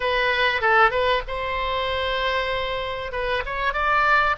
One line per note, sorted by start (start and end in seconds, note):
0.00 0.61 B4
0.61 0.90 A4
0.90 1.22 B4
1.27 3.12 C5
3.12 3.43 B4
3.45 3.73 C#5
3.73 4.36 D5